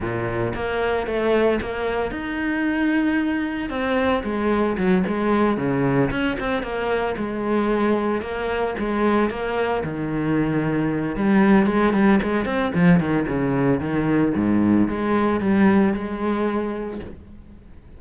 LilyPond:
\new Staff \with { instrumentName = "cello" } { \time 4/4 \tempo 4 = 113 ais,4 ais4 a4 ais4 | dis'2. c'4 | gis4 fis8 gis4 cis4 cis'8 | c'8 ais4 gis2 ais8~ |
ais8 gis4 ais4 dis4.~ | dis4 g4 gis8 g8 gis8 c'8 | f8 dis8 cis4 dis4 gis,4 | gis4 g4 gis2 | }